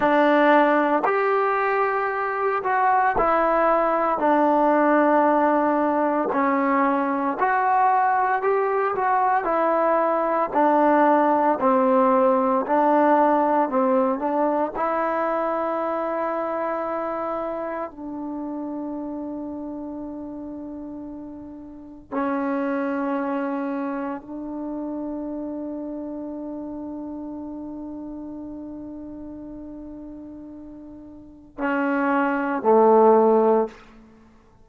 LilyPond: \new Staff \with { instrumentName = "trombone" } { \time 4/4 \tempo 4 = 57 d'4 g'4. fis'8 e'4 | d'2 cis'4 fis'4 | g'8 fis'8 e'4 d'4 c'4 | d'4 c'8 d'8 e'2~ |
e'4 d'2.~ | d'4 cis'2 d'4~ | d'1~ | d'2 cis'4 a4 | }